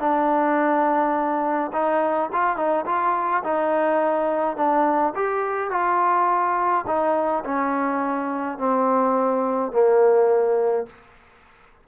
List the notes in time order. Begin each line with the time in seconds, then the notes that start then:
0.00 D4
1.73 D#4
2.33 F4
2.57 D#4
2.86 F4
3.44 D#4
4.57 D4
5.16 G4
5.71 F4
6.87 D#4
7.45 C#4
8.58 C4
9.73 A#3